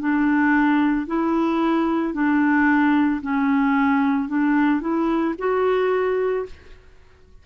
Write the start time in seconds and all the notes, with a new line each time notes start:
0.00 D4
1.07 E4
2.14 D4
3.22 C#4
4.29 D4
4.81 E4
5.39 F#4